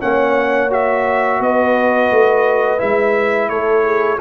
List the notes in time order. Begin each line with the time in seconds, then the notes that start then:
0.00 A#3 C#4 C#5 F#5
0.70 F#4 E5
1.40 B3 B4 D#5
2.11 A3
2.78 G#3 E4 E5
3.49 A3 A4 C#5
3.84 G#4